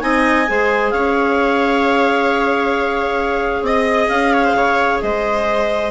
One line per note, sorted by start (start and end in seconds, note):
0.00 0.47 C4
0.00 0.45 D#4
0.00 0.49 D#5
0.00 0.91 G#5
0.47 0.92 G#3
0.47 5.91 G#4
0.47 0.93 C5
0.91 3.62 C#4
0.91 3.66 C#5
0.91 3.63 F5
3.62 4.07 C4
3.62 4.08 D#5
3.62 4.33 D#5
4.08 4.54 C#4
4.08 4.99 F5
4.33 4.44 C#5
4.44 4.55 C5
4.54 4.99 C#3
4.54 5.02 C#5
5.01 5.91 G#3
5.01 5.91 C5
5.01 5.91 D#5